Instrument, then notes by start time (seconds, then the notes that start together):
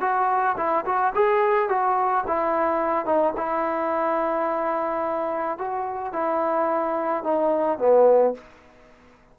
trombone
0.00 F#4
0.57 E4
0.85 F#4
1.15 G#4
1.68 F#4
2.27 E4
3.05 D#4
3.36 E4
5.58 F#4
6.12 E4
7.23 D#4
7.78 B3